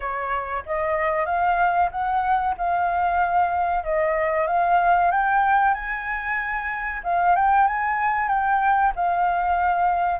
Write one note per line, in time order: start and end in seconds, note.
0.00 0.63 C#5
0.66 1.25 D#5
1.25 1.89 F5
1.91 2.55 F#5
2.57 3.84 F5
3.84 4.47 D#5
4.47 5.11 F5
5.11 5.74 G5
5.74 7.01 G#5
7.03 7.35 F5
7.35 7.67 G5
7.67 8.28 G#5
8.28 8.92 G5
8.95 10.19 F5